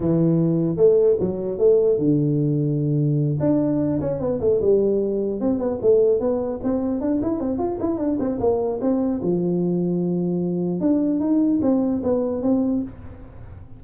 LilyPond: \new Staff \with { instrumentName = "tuba" } { \time 4/4 \tempo 4 = 150 e2 a4 fis4 | a4 d2.~ | d8 d'4. cis'8 b8 a8 g8~ | g4. c'8 b8 a4 b8~ |
b8 c'4 d'8 e'8 c'8 f'8 e'8 | d'8 c'8 ais4 c'4 f4~ | f2. d'4 | dis'4 c'4 b4 c'4 | }